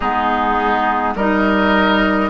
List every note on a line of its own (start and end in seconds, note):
0.00 1.15 G#3
0.00 1.17 B3
0.00 1.13 D#4
0.00 1.13 G#4
1.15 2.30 G3
1.15 2.30 D#4
1.15 2.30 A#4
1.15 2.30 D#5